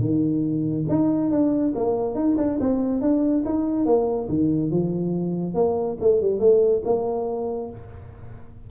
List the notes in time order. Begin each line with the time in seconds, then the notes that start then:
0.00 D#3
0.89 D#4
1.31 D4
1.75 A#3
2.15 D#4
2.37 D4
2.60 C4
3.01 D4
3.45 D#4
3.85 A#3
4.29 D#3
4.71 F3
5.54 A#3
6.00 A3
6.21 G3
6.39 A3
6.85 A#3